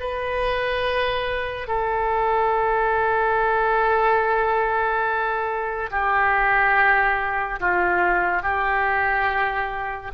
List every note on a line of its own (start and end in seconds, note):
0.00 1.67 B4
1.67 5.90 A4
5.91 7.60 G4
7.60 8.42 F4
8.42 10.11 G4